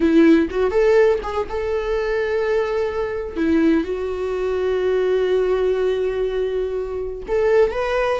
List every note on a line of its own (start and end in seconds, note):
0.00 0.48 E4
0.50 0.70 F#4
0.70 1.19 A4
1.23 1.47 G#4
1.49 3.36 A4
3.36 3.84 E4
3.84 7.22 F#4
7.27 7.71 A4
7.71 8.19 B4